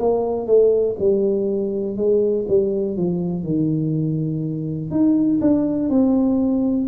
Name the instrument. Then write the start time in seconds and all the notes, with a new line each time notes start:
tuba
0.00 A#3
0.47 A3
1.00 G3
1.97 G#3
2.49 G3
2.97 F3
3.44 D#3
4.91 D#4
5.41 D4
5.90 C4